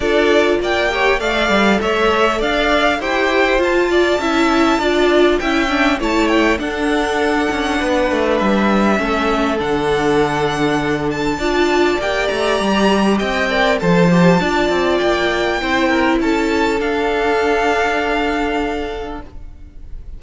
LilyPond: <<
  \new Staff \with { instrumentName = "violin" } { \time 4/4 \tempo 4 = 100 d''4 g''4 f''4 e''4 | f''4 g''4 a''2~ | a''4 g''4 a''8 g''8 fis''4~ | fis''2 e''2 |
fis''2~ fis''8 a''4. | g''8 ais''4. g''4 a''4~ | a''4 g''2 a''4 | f''1 | }
  \new Staff \with { instrumentName = "violin" } { \time 4/4 a'4 d''8 cis''8 d''4 cis''4 | d''4 c''4. d''8 e''4 | d''4 e''4 cis''4 a'4~ | a'4 b'2 a'4~ |
a'2. d''4~ | d''2 dis''8 d''8 c''4 | d''2 c''8 ais'8 a'4~ | a'1 | }
  \new Staff \with { instrumentName = "viola" } { \time 4/4 f'4. g'8 a'2~ | a'4 g'4 f'4 e'4 | f'4 e'8 d'8 e'4 d'4~ | d'2. cis'4 |
d'2. f'4 | g'2~ g'8 ais'8 a'8 g'8 | f'2 e'2 | d'1 | }
  \new Staff \with { instrumentName = "cello" } { \time 4/4 d'4 ais4 a8 g8 a4 | d'4 e'4 f'4 cis'4 | d'4 cis'4 a4 d'4~ | d'8 cis'8 b8 a8 g4 a4 |
d2. d'4 | ais8 a8 g4 c'4 f4 | d'8 c'8 ais4 c'4 cis'4 | d'1 | }
>>